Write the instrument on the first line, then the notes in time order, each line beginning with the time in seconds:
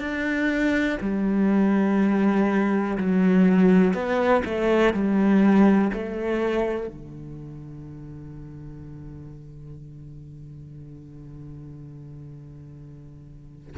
cello
0.00 D4
1.01 G3
2.98 F#3
3.94 B3
4.45 A3
4.93 G3
5.93 A3
6.88 D3